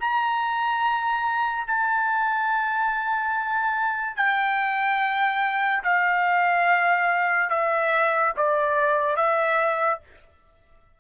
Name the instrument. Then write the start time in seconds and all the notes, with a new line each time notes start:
trumpet
0.00 A#5
1.67 A5
4.16 G5
5.83 F5
7.50 E5
8.36 D5
9.16 E5